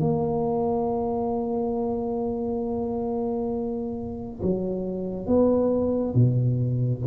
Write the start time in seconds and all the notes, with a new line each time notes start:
0.00 A#3
4.42 F#3
5.27 B3
6.14 B2